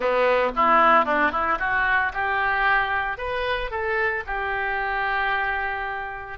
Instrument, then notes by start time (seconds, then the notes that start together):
oboe
0.00 B3
0.56 E4
1.05 D4
1.31 E4
1.59 F#4
2.13 G4
3.17 B4
3.70 A4
4.26 G4